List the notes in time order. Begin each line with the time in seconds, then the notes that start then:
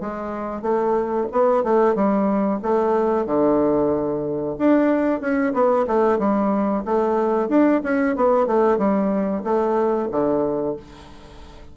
0.00 G#3
0.62 A3
1.32 B3
1.64 A3
1.95 G3
2.62 A3
3.26 D3
4.58 D4
5.21 C#4
5.53 B3
5.87 A3
6.19 G3
6.85 A3
7.49 D4
7.83 C#4
8.16 B3
8.47 A3
8.78 G3
9.44 A3
10.11 D3